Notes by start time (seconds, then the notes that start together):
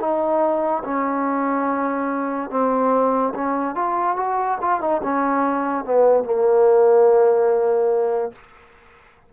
0.00 D#4
0.84 C#4
2.50 C4
3.35 C#4
3.75 F4
4.16 F#4
4.61 F4
4.80 D#4
5.03 C#4
5.84 B3
6.24 A#3